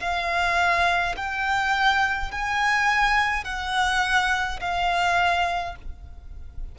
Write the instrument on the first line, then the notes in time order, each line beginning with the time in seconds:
violin
0.00 F5
1.16 G5
2.32 G#5
3.45 F#5
4.60 F5